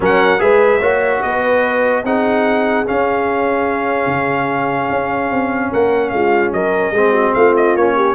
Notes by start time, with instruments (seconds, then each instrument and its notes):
0.00 tuba F#3, trombone C#4, horn A#4, trumpet F#5
0.38 tuba G#3, trombone G#4, horn B4, trumpet E5
0.79 tuba A#3, trombone F#4, horn C#5
1.22 tuba B3, horn B4, trumpet D#5
2.03 tuba C4, trombone D#4, horn G#4, trumpet F#5
2.86 trombone C#4, tuba C#4, trumpet F5
4.06 tuba C#3
4.90 tuba C#4
5.30 tuba C4
5.70 tuba A#3, horn A#4, trumpet F#5
6.09 tuba G#3, horn F4, trumpet F5
6.52 tuba F#3, horn A#4, trumpet D#5
6.91 tuba G#3, trombone C4, horn G#4
7.11 horn F#4
7.34 tuba A3, horn F4, trumpet F5
7.56 trumpet D#5
7.75 tuba A#3, trombone C#4, trumpet C#5
7.95 horn G4